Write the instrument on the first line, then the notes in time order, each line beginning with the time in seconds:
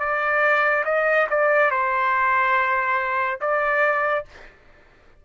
trumpet
0.00 D5
0.85 D#5
1.30 D5
1.71 C5
3.41 D5